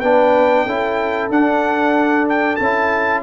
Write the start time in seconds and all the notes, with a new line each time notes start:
0.00 B3 D4 B4 G5
0.65 C#4 E4 A4
1.29 D4 F#5
2.29 G5
2.56 C#4 A5
2.63 E4